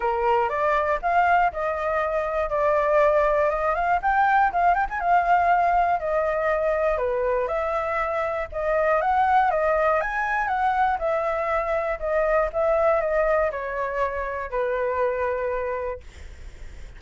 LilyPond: \new Staff \with { instrumentName = "flute" } { \time 4/4 \tempo 4 = 120 ais'4 d''4 f''4 dis''4~ | dis''4 d''2 dis''8 f''8 | g''4 f''8 g''16 gis''16 f''2 | dis''2 b'4 e''4~ |
e''4 dis''4 fis''4 dis''4 | gis''4 fis''4 e''2 | dis''4 e''4 dis''4 cis''4~ | cis''4 b'2. | }